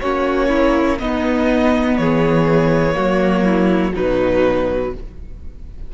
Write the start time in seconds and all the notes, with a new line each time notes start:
0.00 A#3 C#4 F#4 C#5
0.49 E4
0.99 B3 D#4 D#5
1.97 E3 G#4 C#5
2.94 F#3 A#3 F#4
3.45 E4
3.94 B2 F#3 D#4 B4